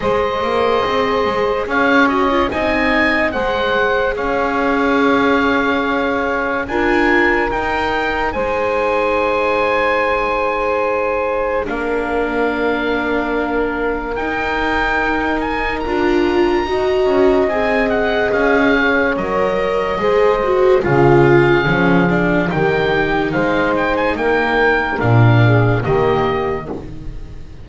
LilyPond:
<<
  \new Staff \with { instrumentName = "oboe" } { \time 4/4 \tempo 4 = 72 dis''2 f''8 dis''8 gis''4 | fis''4 f''2. | gis''4 g''4 gis''2~ | gis''2 f''2~ |
f''4 g''4. gis''8 ais''4~ | ais''4 gis''8 fis''8 f''4 dis''4~ | dis''4 f''2 g''4 | f''8 g''16 gis''16 g''4 f''4 dis''4 | }
  \new Staff \with { instrumentName = "saxophone" } { \time 4/4 c''2 cis''4 dis''4 | c''4 cis''2. | ais'2 c''2~ | c''2 ais'2~ |
ais'1 | dis''2~ dis''8 cis''4. | c''4 gis'2 g'4 | c''4 ais'4. gis'8 g'4 | }
  \new Staff \with { instrumentName = "viola" } { \time 4/4 gis'2~ gis'8 fis'16 f'16 dis'4 | gis'1 | f'4 dis'2.~ | dis'2 d'2~ |
d'4 dis'2 f'4 | fis'4 gis'2 ais'4 | gis'8 fis'8 f'4 cis'8 d'8 dis'4~ | dis'2 d'4 ais4 | }
  \new Staff \with { instrumentName = "double bass" } { \time 4/4 gis8 ais8 c'8 gis8 cis'4 c'4 | gis4 cis'2. | d'4 dis'4 gis2~ | gis2 ais2~ |
ais4 dis'2 d'4 | dis'8 cis'8 c'4 cis'4 fis4 | gis4 cis4 f4 dis4 | gis4 ais4 ais,4 dis4 | }
>>